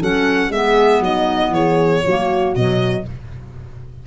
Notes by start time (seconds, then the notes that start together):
0.00 F#3 C#4 A4 F#5
0.49 G#3 B3 G#4 E5
1.00 F#3 D#4 D#5
1.50 E3 G#4 C#5
2.04 F#3 A#3 F#4
2.55 B2 F#3 D#5